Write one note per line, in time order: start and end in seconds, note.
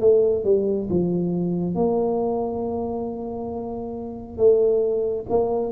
0.00 0.44 A3
0.44 0.88 G3
0.89 1.74 F3
1.74 4.37 A#3
4.37 5.25 A3
5.29 5.72 A#3